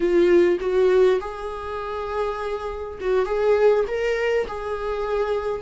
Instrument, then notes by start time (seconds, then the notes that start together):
viola
0.00 F4
0.60 F#4
1.20 G#4
3.00 F#4
3.25 G#4
3.87 A#4
4.47 G#4